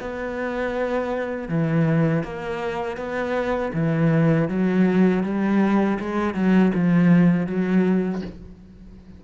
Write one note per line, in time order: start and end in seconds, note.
0.00 1.48 B3
1.48 2.23 E3
2.23 2.97 A#3
2.97 3.72 B3
3.73 4.48 E3
4.48 5.23 F#3
5.23 5.98 G3
5.99 6.34 G#3
6.34 6.71 F#3
6.74 7.46 F3
7.46 8.21 F#3